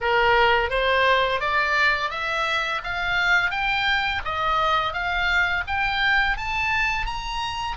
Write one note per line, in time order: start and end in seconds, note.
0.00 0.70 A#4
0.70 1.40 C5
1.40 2.10 D5
2.10 2.81 E5
2.83 3.50 F5
3.50 4.21 G5
4.24 4.93 D#5
4.93 5.63 F5
5.67 6.37 G5
6.37 7.06 A5
7.06 7.76 A#5